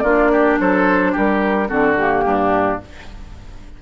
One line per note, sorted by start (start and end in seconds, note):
0.00 0.58 A#3
0.00 1.67 D4
0.00 0.31 F4
0.00 0.56 D5
0.31 0.59 G4
0.60 1.15 F#3
0.60 1.12 A4
0.60 1.15 C5
1.12 1.70 G3
1.12 1.67 G4
1.12 1.68 A#4
1.67 2.24 D3
1.67 1.95 C4
1.67 2.24 F#4
1.67 1.96 A4
1.97 2.82 A#3
1.97 2.80 G4
2.24 2.79 G2
2.24 2.81 D4